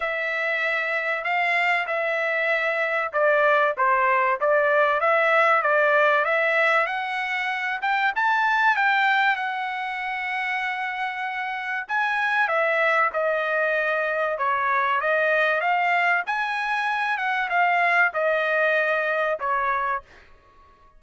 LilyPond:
\new Staff \with { instrumentName = "trumpet" } { \time 4/4 \tempo 4 = 96 e''2 f''4 e''4~ | e''4 d''4 c''4 d''4 | e''4 d''4 e''4 fis''4~ | fis''8 g''8 a''4 g''4 fis''4~ |
fis''2. gis''4 | e''4 dis''2 cis''4 | dis''4 f''4 gis''4. fis''8 | f''4 dis''2 cis''4 | }